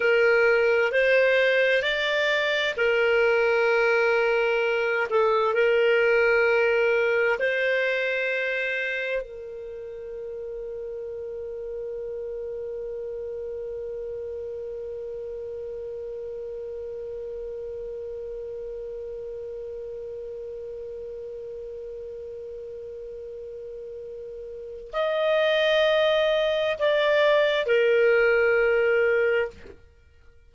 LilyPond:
\new Staff \with { instrumentName = "clarinet" } { \time 4/4 \tempo 4 = 65 ais'4 c''4 d''4 ais'4~ | ais'4. a'8 ais'2 | c''2 ais'2~ | ais'1~ |
ais'1~ | ais'1~ | ais'2. dis''4~ | dis''4 d''4 ais'2 | }